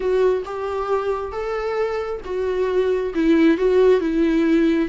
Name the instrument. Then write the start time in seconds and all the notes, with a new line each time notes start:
viola
0.00 F#4
0.45 G4
1.32 A4
2.24 F#4
3.14 E4
3.57 F#4
4.00 E4